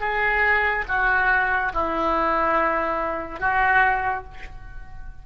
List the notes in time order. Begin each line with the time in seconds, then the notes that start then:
0.00 G#4
0.88 F#4
1.73 E4
3.40 F#4